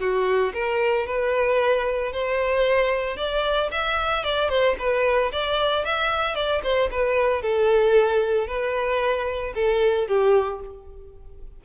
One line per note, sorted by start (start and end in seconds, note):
0.00 0.53 F#4
0.54 1.07 A#4
1.07 2.13 B4
2.13 3.17 C5
3.17 3.70 D5
3.72 4.24 E5
4.24 4.49 D5
4.49 4.76 C5
4.79 5.32 B4
5.32 5.85 D5
5.85 6.35 E5
6.35 6.62 D5
6.63 6.90 C5
6.91 7.42 B4
7.42 8.48 A4
8.48 9.54 B4
9.55 10.08 A4
10.08 10.61 G4